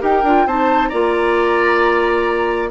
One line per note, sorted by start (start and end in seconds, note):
0.00 0.23 D#4
0.00 0.23 G4
0.00 0.46 A#4
0.00 0.47 G5
0.23 0.46 D4
0.23 0.48 F4
0.46 0.91 C4
0.46 0.92 D#4
0.46 0.89 C5
0.46 0.88 A5
0.88 2.71 A#3
0.88 2.71 F4
0.88 2.69 D5
0.88 2.68 A#5